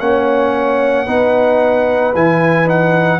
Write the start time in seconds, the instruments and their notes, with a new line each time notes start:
0.00 tuba A#3, trombone C#4, horn C#5, trumpet F#5
1.06 tuba B3, trombone D#4, horn B4
2.15 tuba E3, trombone E4, trumpet G#5
2.66 trombone D#4, trumpet F#5